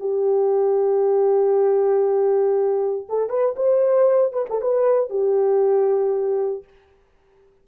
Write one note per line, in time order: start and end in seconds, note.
0.00 3.08 G4
3.09 3.30 A4
3.30 3.55 B4
3.56 4.33 C5
4.33 4.46 B4
4.50 4.62 A4
4.62 5.10 B4
5.10 6.64 G4